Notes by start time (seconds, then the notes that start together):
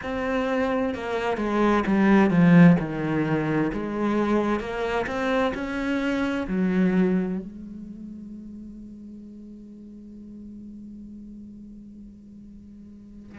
0.03 C4
0.94 A#3
1.37 G#3
1.87 G3
2.30 F3
2.79 D#3
3.73 G#3
4.59 A#3
5.06 C4
5.54 C#4
6.47 F#3
7.39 G#3